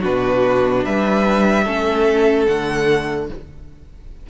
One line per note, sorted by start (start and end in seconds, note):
0.00 0.85 B2
0.00 1.64 D4
0.00 0.81 F#4
0.00 0.84 B4
0.84 1.66 G3
0.84 1.64 B4
0.84 2.46 E5
1.64 2.47 A3
1.64 2.47 C#4
1.64 3.26 A4
2.46 3.29 D3
2.46 3.28 A3
2.46 3.27 F#5